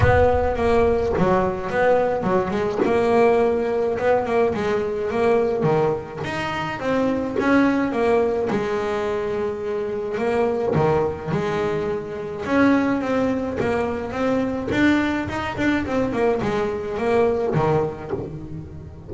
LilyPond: \new Staff \with { instrumentName = "double bass" } { \time 4/4 \tempo 4 = 106 b4 ais4 fis4 b4 | fis8 gis8 ais2 b8 ais8 | gis4 ais4 dis4 dis'4 | c'4 cis'4 ais4 gis4~ |
gis2 ais4 dis4 | gis2 cis'4 c'4 | ais4 c'4 d'4 dis'8 d'8 | c'8 ais8 gis4 ais4 dis4 | }